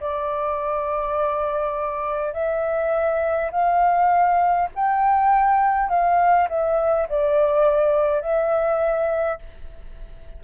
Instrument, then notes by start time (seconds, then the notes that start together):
flute
0.00 D5
2.33 E5
3.51 F5
4.75 G5
5.89 F5
6.49 E5
7.09 D5
8.21 E5